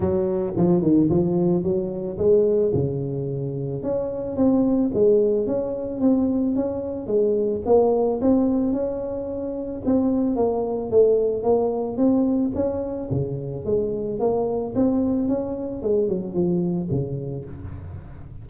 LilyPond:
\new Staff \with { instrumentName = "tuba" } { \time 4/4 \tempo 4 = 110 fis4 f8 dis8 f4 fis4 | gis4 cis2 cis'4 | c'4 gis4 cis'4 c'4 | cis'4 gis4 ais4 c'4 |
cis'2 c'4 ais4 | a4 ais4 c'4 cis'4 | cis4 gis4 ais4 c'4 | cis'4 gis8 fis8 f4 cis4 | }